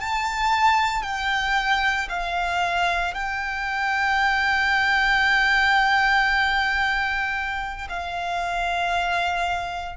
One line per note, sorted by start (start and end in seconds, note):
0.00 1.02 A5
1.02 2.08 G5
2.09 3.14 F5
3.14 7.88 G5
7.89 9.96 F5